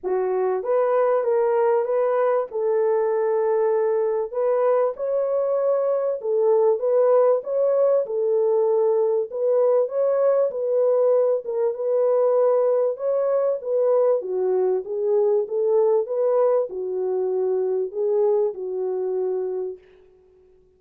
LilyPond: \new Staff \with { instrumentName = "horn" } { \time 4/4 \tempo 4 = 97 fis'4 b'4 ais'4 b'4 | a'2. b'4 | cis''2 a'4 b'4 | cis''4 a'2 b'4 |
cis''4 b'4. ais'8 b'4~ | b'4 cis''4 b'4 fis'4 | gis'4 a'4 b'4 fis'4~ | fis'4 gis'4 fis'2 | }